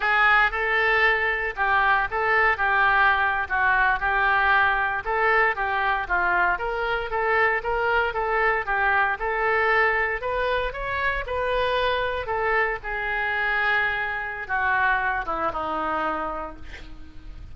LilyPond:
\new Staff \with { instrumentName = "oboe" } { \time 4/4 \tempo 4 = 116 gis'4 a'2 g'4 | a'4 g'4.~ g'16 fis'4 g'16~ | g'4.~ g'16 a'4 g'4 f'16~ | f'8. ais'4 a'4 ais'4 a'16~ |
a'8. g'4 a'2 b'16~ | b'8. cis''4 b'2 a'16~ | a'8. gis'2.~ gis'16 | fis'4. e'8 dis'2 | }